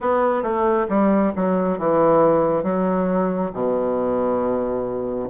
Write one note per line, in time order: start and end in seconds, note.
0.00 0.43 B3
0.43 0.87 A3
0.88 1.32 G3
1.35 1.78 F#3
1.78 2.63 E3
2.63 3.51 F#3
3.53 5.29 B2